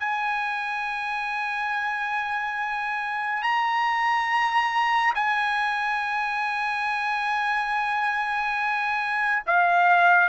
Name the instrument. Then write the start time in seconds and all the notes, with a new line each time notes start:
trumpet
0.00 G#5
3.42 A#5
5.15 G#5
9.46 F5